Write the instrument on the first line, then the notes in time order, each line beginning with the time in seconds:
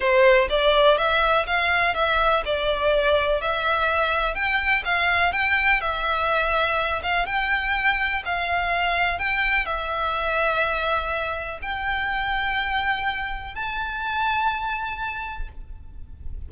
violin
0.00 C5
0.49 D5
0.97 E5
1.46 F5
1.94 E5
2.45 D5
3.41 E5
4.34 G5
4.85 F5
5.32 G5
5.80 E5
7.02 F5
7.26 G5
8.25 F5
9.18 G5
9.65 E5
11.62 G5
13.55 A5